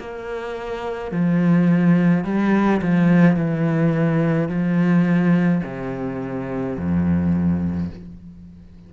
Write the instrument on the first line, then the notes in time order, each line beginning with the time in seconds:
cello
0.00 A#3
1.12 F3
2.24 G3
2.82 F3
3.37 E3
4.49 F3
5.64 C3
6.77 F2